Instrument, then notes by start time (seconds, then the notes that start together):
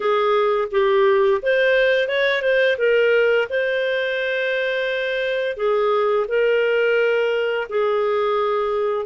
clarinet
0.00 G#4
0.71 G4
1.42 C5
2.07 C#5
2.42 C5
2.78 A#4
3.49 C5
5.57 G#4
6.28 A#4
7.69 G#4